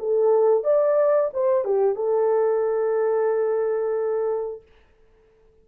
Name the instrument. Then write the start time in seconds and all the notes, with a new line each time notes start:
horn
0.00 A4
0.64 D5
1.34 C5
1.65 G4
1.96 A4